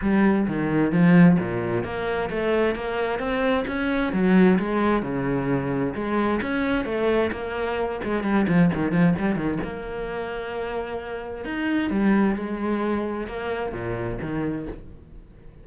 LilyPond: \new Staff \with { instrumentName = "cello" } { \time 4/4 \tempo 4 = 131 g4 dis4 f4 ais,4 | ais4 a4 ais4 c'4 | cis'4 fis4 gis4 cis4~ | cis4 gis4 cis'4 a4 |
ais4. gis8 g8 f8 dis8 f8 | g8 dis8 ais2.~ | ais4 dis'4 g4 gis4~ | gis4 ais4 ais,4 dis4 | }